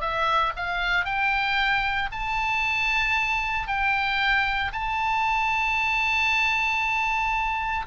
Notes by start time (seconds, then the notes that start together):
0.00 E5
0.56 F5
1.05 G5
2.12 A5
3.67 G5
4.72 A5